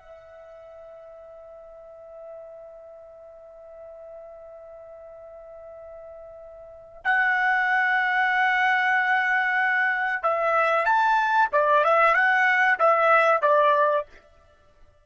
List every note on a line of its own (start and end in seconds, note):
0.00 7.02 E5
7.04 10.23 F#5
10.23 10.86 E5
10.86 11.50 A5
11.53 11.84 D5
11.84 12.15 E5
12.15 12.79 F#5
12.79 13.42 E5
13.42 14.06 D5